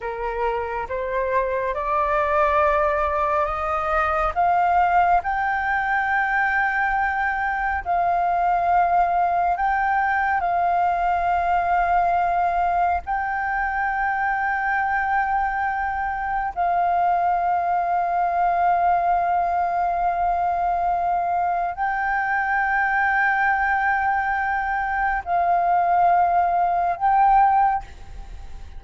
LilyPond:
\new Staff \with { instrumentName = "flute" } { \time 4/4 \tempo 4 = 69 ais'4 c''4 d''2 | dis''4 f''4 g''2~ | g''4 f''2 g''4 | f''2. g''4~ |
g''2. f''4~ | f''1~ | f''4 g''2.~ | g''4 f''2 g''4 | }